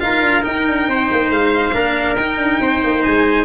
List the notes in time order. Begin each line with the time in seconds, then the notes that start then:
0.00 D#4 F4 A#4 F5
0.22 D4
0.42 D#4 G5
0.68 D4
0.87 C4 C5
1.12 A#3
1.30 G#3 F5
1.74 A#3 D4 A#4
2.16 D#4 G5
2.37 D4
2.60 C4 C5
2.84 A#3
3.04 G#3 G#5